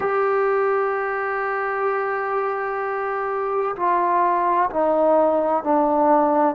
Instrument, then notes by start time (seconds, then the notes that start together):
trombone
0.00 G4
3.75 F4
4.70 D#4
5.63 D4